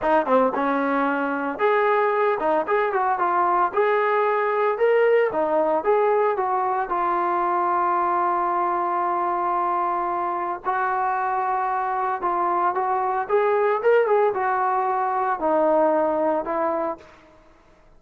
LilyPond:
\new Staff \with { instrumentName = "trombone" } { \time 4/4 \tempo 4 = 113 dis'8 c'8 cis'2 gis'4~ | gis'8 dis'8 gis'8 fis'8 f'4 gis'4~ | gis'4 ais'4 dis'4 gis'4 | fis'4 f'2.~ |
f'1 | fis'2. f'4 | fis'4 gis'4 ais'8 gis'8 fis'4~ | fis'4 dis'2 e'4 | }